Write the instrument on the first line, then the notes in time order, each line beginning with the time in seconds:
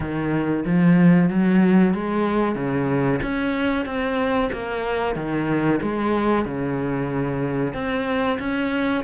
cello
0.00 D#3
0.65 F3
1.29 F#3
1.94 G#3
2.55 C#3
3.22 C#4
3.85 C4
4.52 A#3
5.15 D#3
5.82 G#3
6.45 C#3
7.73 C4
8.39 C#4